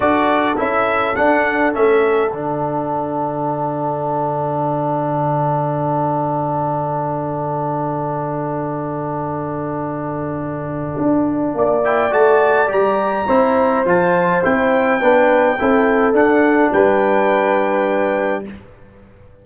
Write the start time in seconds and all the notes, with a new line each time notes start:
0.00 D4 F#4 A4 D5
0.55 C#4 E4 E5
1.15 D4 F#5
1.72 A3 C#4 E5
2.31 D3 D4 F#5
10.97 D4
11.54 A#3 D5
11.83 E4 G5
12.10 A3 F#4 A5
12.67 G3 G4 A#5
13.27 C4 E4 C5
13.84 F3 F4 A5
14.42 C4 E4 G5
15.00 B3 D4 B4
15.59 C4 E4 A4
16.12 D4 F#5
16.72 G3 B4 G5